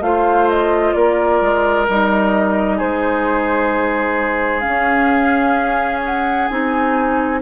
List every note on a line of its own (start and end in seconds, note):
0.00 0.92 A3
0.00 1.87 F4
0.00 0.95 C5
0.00 0.48 F5
0.49 0.93 D#5
0.93 1.41 A#3
0.93 2.77 A#4
0.93 1.86 D5
1.41 1.87 G#3
1.88 2.81 G3
1.88 4.61 D#4
1.88 2.79 D#5
2.77 4.66 G#3
2.77 7.38 G#4
2.77 4.60 C5
4.60 6.45 C#4
4.60 5.99 F5
4.67 6.50 C#4
6.05 6.47 F#5
6.47 7.41 C4
6.47 7.41 D#4
6.47 7.40 G#5